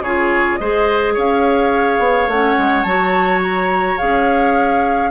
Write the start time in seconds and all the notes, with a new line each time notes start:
0.00 C#3 F4 G#4 C#5
0.57 G#3 G#4 C5 D#5
1.14 C#4 C#5 F5
1.99 B3
2.28 A3 C#4 F#5
2.58 G#3
2.83 F#3 F#4 A5
3.43 A#5
3.98 C#4 G#4 F5